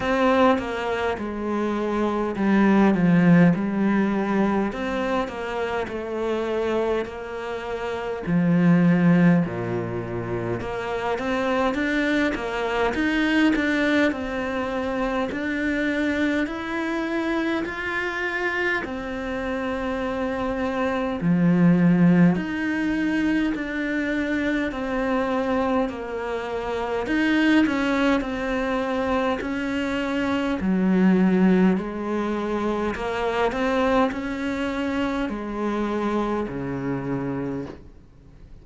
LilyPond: \new Staff \with { instrumentName = "cello" } { \time 4/4 \tempo 4 = 51 c'8 ais8 gis4 g8 f8 g4 | c'8 ais8 a4 ais4 f4 | ais,4 ais8 c'8 d'8 ais8 dis'8 d'8 | c'4 d'4 e'4 f'4 |
c'2 f4 dis'4 | d'4 c'4 ais4 dis'8 cis'8 | c'4 cis'4 fis4 gis4 | ais8 c'8 cis'4 gis4 cis4 | }